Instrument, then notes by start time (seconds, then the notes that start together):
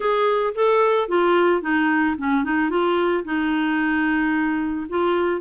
clarinet
0.00 G#4
0.54 A4
1.08 F4
1.61 D#4
2.18 C#4
2.43 D#4
2.70 F4
3.24 D#4
4.89 F4